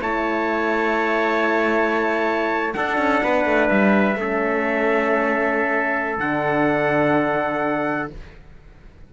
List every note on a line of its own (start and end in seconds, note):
0.00 2.74 A3
0.00 2.74 E4
0.00 2.74 C#5
0.00 2.73 A5
2.73 4.18 D4
2.73 2.97 D4
2.73 3.23 A4
2.73 3.68 F#5
2.97 3.21 C#4
3.23 3.45 B3
3.23 4.18 B4
3.45 3.69 A3
3.69 4.15 G3
3.69 6.19 E5
4.15 6.18 A3
4.15 6.21 C#4
4.15 8.13 A4
6.18 8.08 D3
6.18 8.11 D4
6.18 8.09 F#5